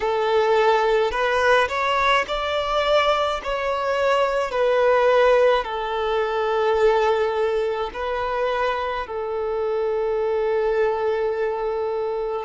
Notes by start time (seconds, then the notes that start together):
0.00 A4
1.11 B4
1.68 C#5
2.27 D5
3.43 C#5
4.51 B4
5.63 A4
7.93 B4
9.06 A4